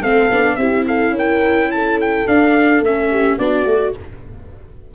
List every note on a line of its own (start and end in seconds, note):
0.00 0.29 A3
0.00 0.31 C4
0.00 0.56 A4
0.00 0.56 F5
0.30 0.57 B3
0.30 0.59 D4
0.56 1.10 C4
0.56 2.27 E4
0.56 0.86 G4
0.56 0.84 E5
0.87 1.15 A4
0.87 1.16 F5
1.10 2.22 C#4
1.10 1.71 A#4
1.19 1.71 G5
1.71 3.11 A4
1.71 1.99 A5
2.01 2.28 G5
2.27 2.83 D4
2.27 2.81 D4
2.27 2.84 F5
2.81 3.37 A3
2.81 3.39 C#4
2.81 3.38 E5
3.11 3.38 G4
3.38 3.66 B3
3.38 3.66 D4
3.38 3.94 F#4
3.38 3.95 D5
3.66 3.94 A3
3.66 3.94 F#4